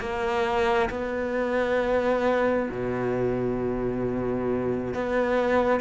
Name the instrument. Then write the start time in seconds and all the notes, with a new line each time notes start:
cello
0.00 A#3
0.90 B3
2.70 B2
4.94 B3